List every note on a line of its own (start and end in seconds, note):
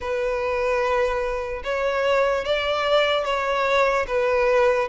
0.00 1.63 B4
1.63 2.44 C#5
2.44 3.24 D5
3.24 4.05 C#5
4.07 4.88 B4